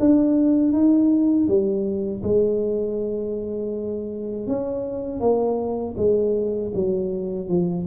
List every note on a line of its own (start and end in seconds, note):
0.00 0.73 D4
0.73 1.48 D#4
1.48 2.23 G3
2.23 4.47 G#3
4.47 5.20 C#4
5.20 5.95 A#3
5.97 6.72 G#3
6.75 7.49 F#3
7.49 7.86 F3